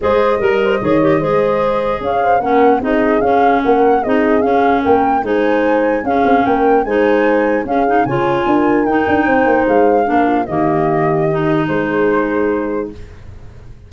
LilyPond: <<
  \new Staff \with { instrumentName = "flute" } { \time 4/4 \tempo 4 = 149 dis''1~ | dis''4 f''4 fis''4 dis''4 | f''4 fis''4 dis''4 f''4 | g''4 gis''2 f''4 |
g''4 gis''2 f''4 | gis''2 g''2 | f''2 dis''2~ | dis''4 c''2. | }
  \new Staff \with { instrumentName = "horn" } { \time 4/4 c''4 ais'8 c''8 cis''4 c''4~ | c''4 cis''8 c''8 ais'4 gis'4~ | gis'4 ais'4 gis'2 | ais'4 c''2 gis'4 |
ais'4 c''2 gis'4 | cis''4 ais'2 c''4~ | c''4 ais'8 f'8 g'2~ | g'4 gis'2. | }
  \new Staff \with { instrumentName = "clarinet" } { \time 4/4 gis'4 ais'4 gis'8 g'8 gis'4~ | gis'2 cis'4 dis'4 | cis'2 dis'4 cis'4~ | cis'4 dis'2 cis'4~ |
cis'4 dis'2 cis'8 dis'8 | f'2 dis'2~ | dis'4 d'4 ais2 | dis'1 | }
  \new Staff \with { instrumentName = "tuba" } { \time 4/4 gis4 g4 dis4 gis4~ | gis4 cis'4 ais4 c'4 | cis'4 ais4 c'4 cis'4 | ais4 gis2 cis'8 c'8 |
ais4 gis2 cis'4 | cis4 d'4 dis'8 d'8 c'8 ais8 | gis4 ais4 dis2~ | dis4 gis2. | }
>>